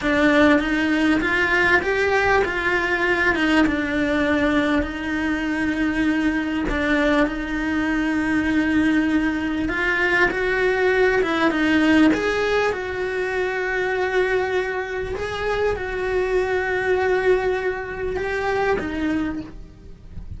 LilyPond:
\new Staff \with { instrumentName = "cello" } { \time 4/4 \tempo 4 = 99 d'4 dis'4 f'4 g'4 | f'4. dis'8 d'2 | dis'2. d'4 | dis'1 |
f'4 fis'4. e'8 dis'4 | gis'4 fis'2.~ | fis'4 gis'4 fis'2~ | fis'2 g'4 dis'4 | }